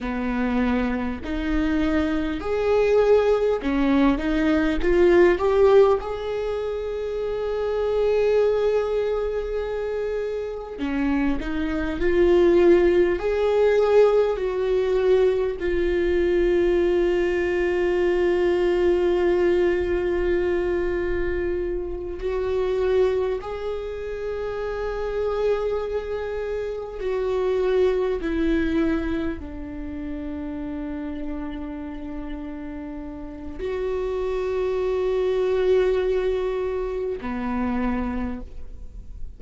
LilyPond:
\new Staff \with { instrumentName = "viola" } { \time 4/4 \tempo 4 = 50 b4 dis'4 gis'4 cis'8 dis'8 | f'8 g'8 gis'2.~ | gis'4 cis'8 dis'8 f'4 gis'4 | fis'4 f'2.~ |
f'2~ f'8 fis'4 gis'8~ | gis'2~ gis'8 fis'4 e'8~ | e'8 d'2.~ d'8 | fis'2. b4 | }